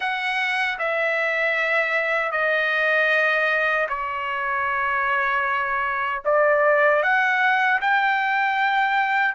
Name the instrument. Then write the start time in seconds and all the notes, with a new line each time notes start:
trumpet
0.00 F#5
0.79 E5
2.31 D#5
3.88 C#5
6.24 D5
7.02 F#5
7.81 G5